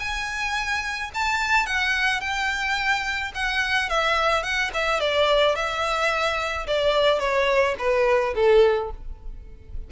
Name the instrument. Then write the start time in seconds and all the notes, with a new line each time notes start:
violin
0.00 G#5
1.15 A5
1.67 F#5
2.21 G5
3.35 F#5
3.90 E5
4.43 F#5
4.74 E5
5.01 D5
5.56 E5
6.68 D5
7.20 C#5
7.79 B4
8.35 A4